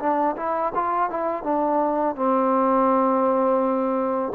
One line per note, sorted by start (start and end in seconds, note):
0.00 0.36 D4
0.37 0.73 E4
0.75 1.10 F4
1.10 1.44 E4
1.44 2.16 D4
2.16 4.33 C4